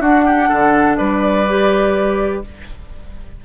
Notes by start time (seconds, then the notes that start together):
0.00 D4 F#4 F#5
0.25 G4
0.49 D3 A4
0.97 G3 B4 D5
1.47 G4